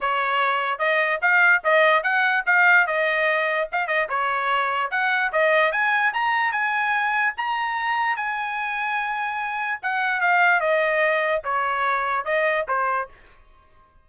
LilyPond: \new Staff \with { instrumentName = "trumpet" } { \time 4/4 \tempo 4 = 147 cis''2 dis''4 f''4 | dis''4 fis''4 f''4 dis''4~ | dis''4 f''8 dis''8 cis''2 | fis''4 dis''4 gis''4 ais''4 |
gis''2 ais''2 | gis''1 | fis''4 f''4 dis''2 | cis''2 dis''4 c''4 | }